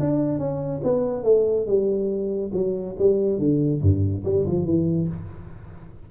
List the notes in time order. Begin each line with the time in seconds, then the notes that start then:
0.00 D4
0.39 C#4
0.84 B3
1.24 A3
1.67 G3
2.53 F#3
2.99 G3
3.39 D3
3.82 G2
4.25 G3
4.47 F3
4.66 E3